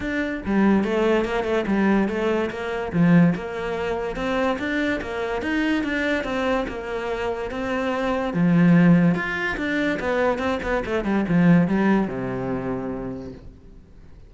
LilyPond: \new Staff \with { instrumentName = "cello" } { \time 4/4 \tempo 4 = 144 d'4 g4 a4 ais8 a8 | g4 a4 ais4 f4 | ais2 c'4 d'4 | ais4 dis'4 d'4 c'4 |
ais2 c'2 | f2 f'4 d'4 | b4 c'8 b8 a8 g8 f4 | g4 c2. | }